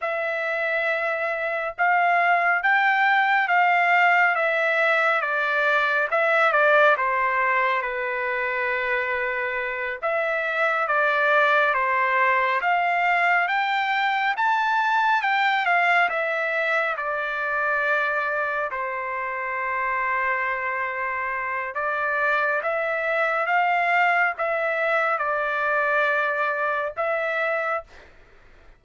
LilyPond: \new Staff \with { instrumentName = "trumpet" } { \time 4/4 \tempo 4 = 69 e''2 f''4 g''4 | f''4 e''4 d''4 e''8 d''8 | c''4 b'2~ b'8 e''8~ | e''8 d''4 c''4 f''4 g''8~ |
g''8 a''4 g''8 f''8 e''4 d''8~ | d''4. c''2~ c''8~ | c''4 d''4 e''4 f''4 | e''4 d''2 e''4 | }